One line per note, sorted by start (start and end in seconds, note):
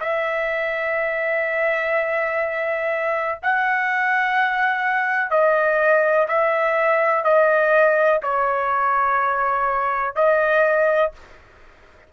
0.00 3.39 E5
3.42 5.30 F#5
5.30 6.27 D#5
6.28 7.24 E5
7.24 8.21 D#5
8.23 10.15 C#5
10.15 11.12 D#5